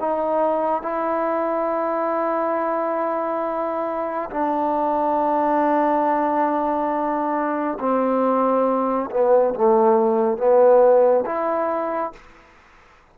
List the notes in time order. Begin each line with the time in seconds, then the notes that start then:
0.00 D#4
0.82 E4
4.30 D4
7.79 C4
9.11 B3
9.55 A3
10.38 B3
11.26 E4